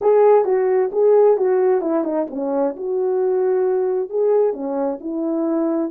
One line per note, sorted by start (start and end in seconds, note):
0.01 0.44 G#4
0.44 0.90 F#4
0.92 1.37 G#4
1.37 1.81 F#4
1.81 2.04 E4
2.04 2.26 D#4
2.30 2.76 C#4
2.76 4.09 F#4
4.09 4.53 G#4
4.53 4.98 C#4
5.00 5.91 E4